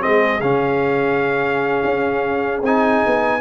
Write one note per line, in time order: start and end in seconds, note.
0.00 0.42 G#3
0.00 0.40 C4
0.00 3.41 G#4
0.00 0.41 D#5
0.41 1.82 C#3
0.41 2.63 C#4
0.41 2.61 F5
1.85 2.62 C#4
2.62 3.02 C4
2.62 3.41 D#4
2.62 3.41 G#5
3.06 3.41 B3